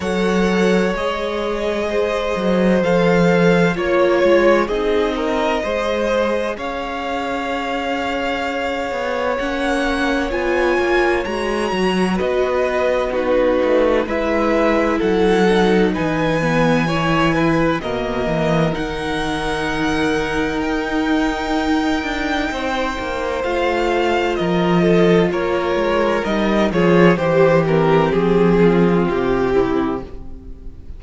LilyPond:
<<
  \new Staff \with { instrumentName = "violin" } { \time 4/4 \tempo 4 = 64 fis''4 dis''2 f''4 | cis''4 dis''2 f''4~ | f''2 fis''4 gis''4 | ais''4 dis''4 b'4 e''4 |
fis''4 gis''2 dis''4 | fis''2 g''2~ | g''4 f''4 dis''4 cis''4 | dis''8 cis''8 c''8 ais'8 gis'4 g'4 | }
  \new Staff \with { instrumentName = "violin" } { \time 4/4 cis''2 c''2 | cis''4 gis'8 ais'8 c''4 cis''4~ | cis''1~ | cis''4 b'4 fis'4 b'4 |
a'4 b'4 cis''8 b'8 ais'4~ | ais'1 | c''2 ais'8 a'8 ais'4~ | ais'8 gis'8 g'4. f'4 e'8 | }
  \new Staff \with { instrumentName = "viola" } { \time 4/4 a'4 gis'2 a'4 | f'4 dis'4 gis'2~ | gis'2 cis'4 f'4 | fis'2 dis'4 e'4~ |
e'8 dis'4 b8 e'4 ais4 | dis'1~ | dis'4 f'2. | dis'8 f'8 g'8 c'2~ c'8 | }
  \new Staff \with { instrumentName = "cello" } { \time 4/4 fis4 gis4. fis8 f4 | ais8 gis8 c'4 gis4 cis'4~ | cis'4. b8 ais4 b8 ais8 | gis8 fis8 b4. a8 gis4 |
fis4 e2 b,8 e8 | dis2 dis'4. d'8 | c'8 ais8 a4 f4 ais8 gis8 | g8 f8 e4 f4 c4 | }
>>